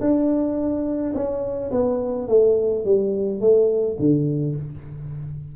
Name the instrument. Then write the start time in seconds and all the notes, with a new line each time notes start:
tuba
0.00 D4
1.14 C#4
1.71 B3
2.28 A3
2.84 G3
3.40 A3
3.99 D3